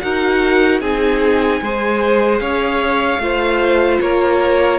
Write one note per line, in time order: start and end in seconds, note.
0.00 0.80 D#4
0.00 0.82 F#4
0.00 0.81 A#4
0.00 0.80 F#5
0.80 1.60 C4
0.80 1.63 D#4
0.80 1.61 G#4
0.80 2.39 G#5
1.61 2.41 G#3
1.61 3.21 G#4
1.61 2.42 C5
2.39 3.18 C#4
2.39 3.22 C#5
2.39 3.99 F5
3.18 3.98 A3
3.18 4.79 F4
3.18 4.02 C5
4.01 4.79 A#3
4.01 4.79 A#4
4.01 4.79 C#5